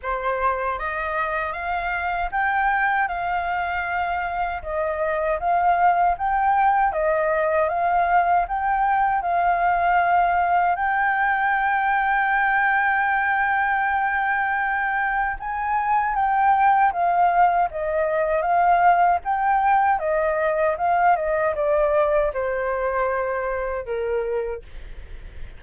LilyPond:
\new Staff \with { instrumentName = "flute" } { \time 4/4 \tempo 4 = 78 c''4 dis''4 f''4 g''4 | f''2 dis''4 f''4 | g''4 dis''4 f''4 g''4 | f''2 g''2~ |
g''1 | gis''4 g''4 f''4 dis''4 | f''4 g''4 dis''4 f''8 dis''8 | d''4 c''2 ais'4 | }